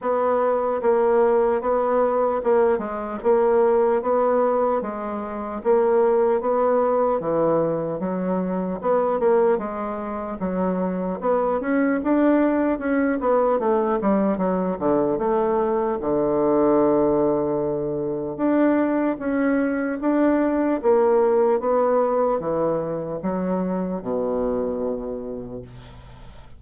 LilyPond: \new Staff \with { instrumentName = "bassoon" } { \time 4/4 \tempo 4 = 75 b4 ais4 b4 ais8 gis8 | ais4 b4 gis4 ais4 | b4 e4 fis4 b8 ais8 | gis4 fis4 b8 cis'8 d'4 |
cis'8 b8 a8 g8 fis8 d8 a4 | d2. d'4 | cis'4 d'4 ais4 b4 | e4 fis4 b,2 | }